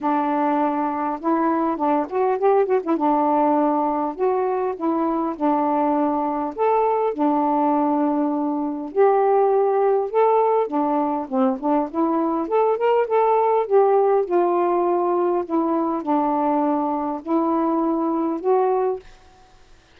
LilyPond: \new Staff \with { instrumentName = "saxophone" } { \time 4/4 \tempo 4 = 101 d'2 e'4 d'8 fis'8 | g'8 fis'16 e'16 d'2 fis'4 | e'4 d'2 a'4 | d'2. g'4~ |
g'4 a'4 d'4 c'8 d'8 | e'4 a'8 ais'8 a'4 g'4 | f'2 e'4 d'4~ | d'4 e'2 fis'4 | }